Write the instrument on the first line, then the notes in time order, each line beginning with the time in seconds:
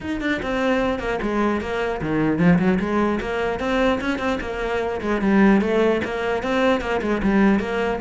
cello
0.01 D#4
0.20 D4
0.42 C4
0.99 A#3
1.22 G#3
1.60 A#3
2.01 D#3
2.38 F3
2.59 F#3
2.79 G#3
3.20 A#3
3.59 C4
4.00 C#4
4.19 C4
4.41 A#3
5.01 G#3
5.21 G3
5.61 A3
6.04 A#3
6.42 C4
6.80 A#3
7.01 G#3
7.22 G3
7.59 A#3